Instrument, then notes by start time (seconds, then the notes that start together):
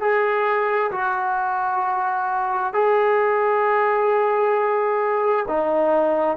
trombone
0.00 G#4
0.91 F#4
2.73 G#4
5.48 D#4